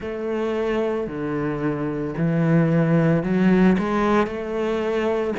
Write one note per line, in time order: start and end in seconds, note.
0.00 1.07 A3
1.07 2.14 D3
2.17 3.23 E3
3.23 3.76 F#3
3.78 4.26 G#3
4.26 5.33 A3